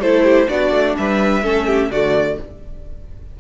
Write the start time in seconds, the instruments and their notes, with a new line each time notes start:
0.00 cello A3, viola E4, violin A4 C5
0.25 violin G4
0.48 cello B3, viola D4, violin F#4 D5
0.71 cello A3
0.97 cello G3, violin B4 E5
1.43 cello A3, viola C#4, violin A4
1.66 violin G4
1.91 cello D3, viola A3, violin F#4 D5